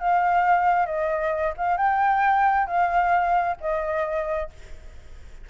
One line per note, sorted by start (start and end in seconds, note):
0.00 0.86 F5
0.86 1.53 D#5
1.58 1.78 F5
1.78 2.67 G5
2.67 3.57 F5
3.60 4.50 D#5